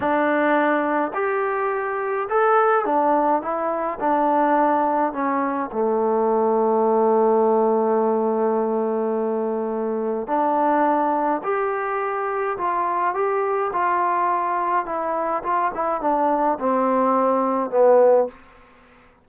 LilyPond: \new Staff \with { instrumentName = "trombone" } { \time 4/4 \tempo 4 = 105 d'2 g'2 | a'4 d'4 e'4 d'4~ | d'4 cis'4 a2~ | a1~ |
a2 d'2 | g'2 f'4 g'4 | f'2 e'4 f'8 e'8 | d'4 c'2 b4 | }